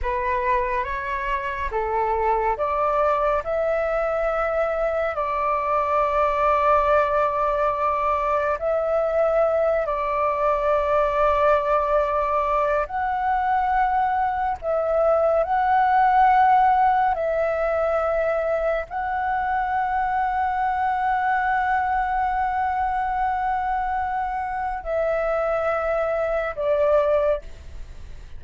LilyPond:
\new Staff \with { instrumentName = "flute" } { \time 4/4 \tempo 4 = 70 b'4 cis''4 a'4 d''4 | e''2 d''2~ | d''2 e''4. d''8~ | d''2. fis''4~ |
fis''4 e''4 fis''2 | e''2 fis''2~ | fis''1~ | fis''4 e''2 d''4 | }